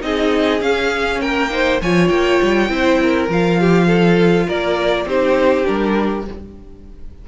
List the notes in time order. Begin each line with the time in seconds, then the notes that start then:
0.00 C4 D#4 G#4 D#5
0.60 C#4 F5
1.20 A#3 A#4 G5
1.50 D#4 C5
1.81 F3 F4 C#5 G#5
2.08 A#3 G5
2.42 G3
2.68 C4 E4 C5
3.02 A#4
3.28 F3 F4 F5
3.60 G4
3.87 A4
4.46 A#3 A#4 D5
5.05 C4 D#4 G4 C5
5.63 G3 D4 A#4